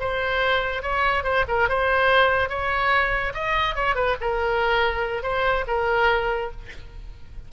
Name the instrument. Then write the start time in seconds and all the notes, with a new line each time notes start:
oboe
0.00 C5
0.83 C#5
1.24 C5
1.48 A#4
1.69 C5
2.49 C#5
3.34 D#5
3.75 C#5
3.95 B4
4.21 A#4
5.23 C5
5.67 A#4